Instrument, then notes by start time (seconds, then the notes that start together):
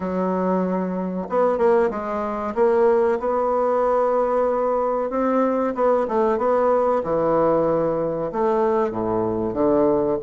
bassoon
0.00 F#3
1.29 B3
1.58 A#3
1.90 G#3
2.54 A#3
3.19 B3
5.10 C4
5.74 B3
6.08 A3
6.38 B3
7.03 E3
8.32 A3
8.90 A2
9.53 D3